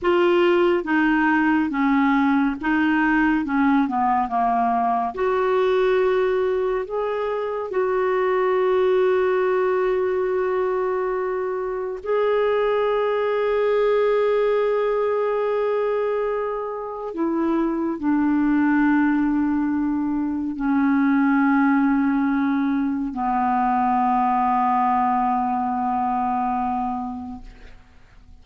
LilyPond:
\new Staff \with { instrumentName = "clarinet" } { \time 4/4 \tempo 4 = 70 f'4 dis'4 cis'4 dis'4 | cis'8 b8 ais4 fis'2 | gis'4 fis'2.~ | fis'2 gis'2~ |
gis'1 | e'4 d'2. | cis'2. b4~ | b1 | }